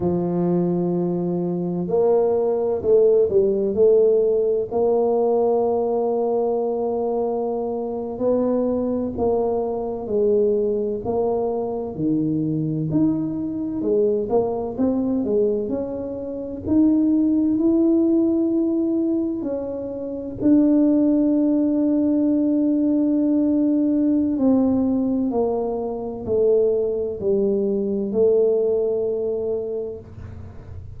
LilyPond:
\new Staff \with { instrumentName = "tuba" } { \time 4/4 \tempo 4 = 64 f2 ais4 a8 g8 | a4 ais2.~ | ais8. b4 ais4 gis4 ais16~ | ais8. dis4 dis'4 gis8 ais8 c'16~ |
c'16 gis8 cis'4 dis'4 e'4~ e'16~ | e'8. cis'4 d'2~ d'16~ | d'2 c'4 ais4 | a4 g4 a2 | }